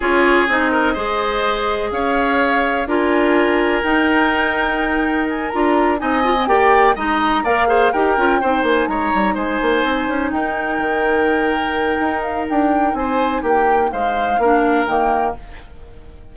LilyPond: <<
  \new Staff \with { instrumentName = "flute" } { \time 4/4 \tempo 4 = 125 cis''4 dis''2. | f''2 gis''2 | g''2. gis''8 ais''8~ | ais''8 gis''4 g''4 ais''4 f''8~ |
f''8 g''4. gis''8 ais''4 gis''8~ | gis''4. g''2~ g''8~ | g''4. f''8 g''4 gis''4 | g''4 f''2 g''4 | }
  \new Staff \with { instrumentName = "oboe" } { \time 4/4 gis'4. ais'8 c''2 | cis''2 ais'2~ | ais'1~ | ais'8 dis''4 d''4 dis''4 d''8 |
c''8 ais'4 c''4 cis''4 c''8~ | c''4. ais'2~ ais'8~ | ais'2. c''4 | g'4 c''4 ais'2 | }
  \new Staff \with { instrumentName = "clarinet" } { \time 4/4 f'4 dis'4 gis'2~ | gis'2 f'2 | dis'2.~ dis'8 f'8~ | f'8 dis'8 f'16 c'16 g'4 dis'4 ais'8 |
gis'8 g'8 f'8 dis'2~ dis'8~ | dis'1~ | dis'1~ | dis'2 d'4 ais4 | }
  \new Staff \with { instrumentName = "bassoon" } { \time 4/4 cis'4 c'4 gis2 | cis'2 d'2 | dis'2.~ dis'8 d'8~ | d'8 c'4 ais4 gis4 ais8~ |
ais8 dis'8 cis'8 c'8 ais8 gis8 g8 gis8 | ais8 c'8 cis'8 dis'4 dis4.~ | dis4 dis'4 d'4 c'4 | ais4 gis4 ais4 dis4 | }
>>